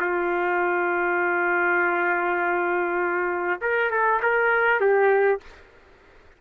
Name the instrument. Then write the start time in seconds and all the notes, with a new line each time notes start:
trumpet
0.00 F4
3.61 A#4
3.90 A4
4.22 A#4
4.80 G4